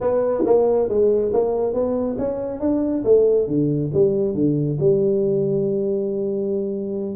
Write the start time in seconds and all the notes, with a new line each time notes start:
0.00 B3
0.45 A#3
0.89 G#3
1.33 A#3
1.73 B3
2.18 C#4
2.60 D4
3.04 A3
3.47 D3
3.93 G3
4.34 D3
4.79 G3